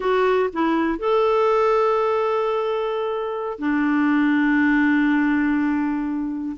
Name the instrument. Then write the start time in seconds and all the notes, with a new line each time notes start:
clarinet
0.00 F#4
0.52 E4
0.98 A4
3.58 D4